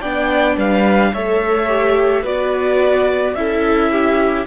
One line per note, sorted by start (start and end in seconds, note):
0.00 0.56 B3
0.00 1.14 D4
0.00 0.56 D5
0.00 0.56 G5
0.56 1.12 G3
0.56 1.12 B4
0.56 1.14 F5
1.12 2.24 A3
1.12 1.67 A4
1.12 2.22 C#5
1.12 2.25 E5
1.67 2.23 G4
2.22 3.34 B3
2.22 3.35 F#4
2.22 3.33 B4
2.22 3.34 D5
3.34 4.45 C#4
3.34 4.46 E4
3.34 3.91 A4
3.34 4.46 E5
3.91 4.46 G4